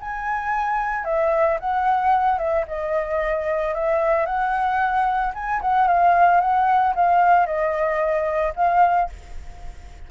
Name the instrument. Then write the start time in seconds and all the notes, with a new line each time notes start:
flute
0.00 G#5
1.04 E5
1.60 F#5
2.38 E5
2.67 D#5
3.74 E5
4.26 F#5
5.34 G#5
5.61 F#5
5.87 F5
6.40 F#5
6.95 F5
7.46 D#5
8.55 F5